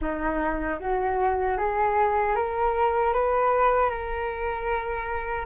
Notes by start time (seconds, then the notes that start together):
0.01 D#4
0.79 F#4
1.57 G#4
2.35 A#4
3.13 B4
3.89 A#4